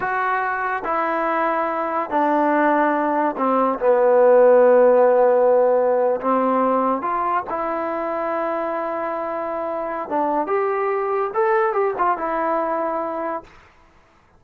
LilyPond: \new Staff \with { instrumentName = "trombone" } { \time 4/4 \tempo 4 = 143 fis'2 e'2~ | e'4 d'2. | c'4 b2.~ | b2~ b8. c'4~ c'16~ |
c'8. f'4 e'2~ e'16~ | e'1 | d'4 g'2 a'4 | g'8 f'8 e'2. | }